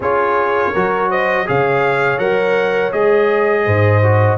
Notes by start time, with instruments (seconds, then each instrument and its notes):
0.00 tuba C#4, trombone F4, horn G#4, trumpet C#5
0.72 tuba F#3, trombone F#4, horn A#4
1.09 horn C5, trumpet D#5
1.46 tuba C#3, trombone G#4, horn C#5, trumpet F5
2.18 tuba F#3, trombone A#4, trumpet F#5
2.92 tuba G#3, trombone G#4, trumpet D#5
3.65 tuba G#2, horn C5
4.02 trombone F#4